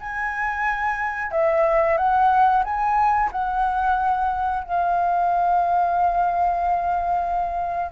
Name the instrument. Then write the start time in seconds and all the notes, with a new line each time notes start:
flute
0.00 G#5
1.32 E5
1.98 F#5
2.64 G#5
3.32 F#5
4.63 F5